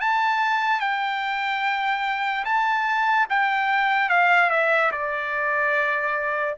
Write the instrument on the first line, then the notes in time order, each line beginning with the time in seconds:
trumpet
0.00 A5
0.80 G5
2.44 A5
3.29 G5
4.09 F5
4.50 E5
4.91 D5